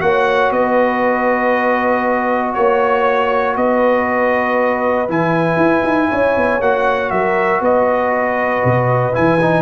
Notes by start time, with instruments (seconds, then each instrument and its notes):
0.00 tuba A#3, trombone F#4, horn C#5, trumpet F#5
0.51 tuba B3, horn B4, trumpet D#5
2.54 tuba A#3, trumpet C#5, horn C#5
3.57 tuba B3, horn B4, trumpet D#5
5.09 tuba E3, trombone E4, trumpet G#5
5.57 tuba E4
5.84 tuba D#4
6.10 tuba C#4, horn C#5
6.37 tuba B3
6.61 tuba A#3, trombone F#4, trumpet F#5
7.11 tuba F#3, horn A#4, trumpet E5
7.61 tuba B3, horn B4, trumpet D#5
8.65 tuba B2
9.13 tuba E3, trombone E4, trumpet G#5
9.42 trombone D#4